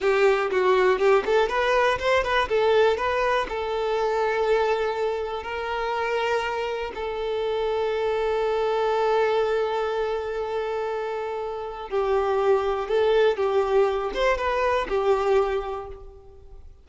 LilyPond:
\new Staff \with { instrumentName = "violin" } { \time 4/4 \tempo 4 = 121 g'4 fis'4 g'8 a'8 b'4 | c''8 b'8 a'4 b'4 a'4~ | a'2. ais'4~ | ais'2 a'2~ |
a'1~ | a'1 | g'2 a'4 g'4~ | g'8 c''8 b'4 g'2 | }